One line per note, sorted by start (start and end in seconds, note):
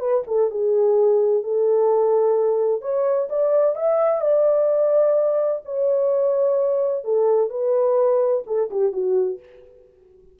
0.00 0.23 B4
0.27 0.51 A4
0.51 1.44 G#4
1.44 2.82 A4
2.82 3.29 C#5
3.30 3.76 D5
3.76 4.21 E5
4.21 5.62 D5
5.65 7.04 C#5
7.04 7.50 A4
7.50 8.44 B4
8.47 8.70 A4
8.71 8.93 G4
8.93 9.39 F#4